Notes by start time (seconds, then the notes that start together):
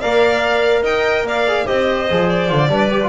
0.00 A#3 A#4 D5 F5
0.82 D#4 D#5 G5
1.23 A#3 D5 F5
1.48 G#4
1.66 C4 G4 C5 D#5
2.10 F3 G#4
2.29 D5
2.49 D3 F4
2.68 G3 D4 B4
2.91 G4
3.03 F4